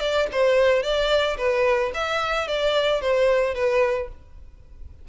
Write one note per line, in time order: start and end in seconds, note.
0.00 0.27 D5
0.32 0.83 C5
0.83 1.37 D5
1.37 1.91 B4
1.94 2.48 E5
2.48 3.01 D5
3.01 3.55 C5
3.55 4.09 B4